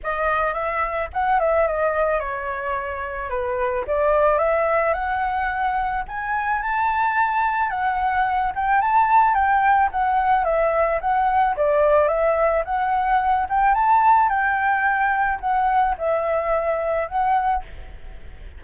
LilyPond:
\new Staff \with { instrumentName = "flute" } { \time 4/4 \tempo 4 = 109 dis''4 e''4 fis''8 e''8 dis''4 | cis''2 b'4 d''4 | e''4 fis''2 gis''4 | a''2 fis''4. g''8 |
a''4 g''4 fis''4 e''4 | fis''4 d''4 e''4 fis''4~ | fis''8 g''8 a''4 g''2 | fis''4 e''2 fis''4 | }